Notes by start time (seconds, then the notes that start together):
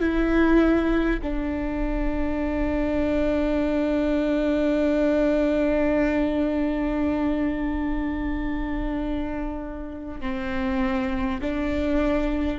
0.00 E4
1.22 D4
10.20 C4
11.41 D4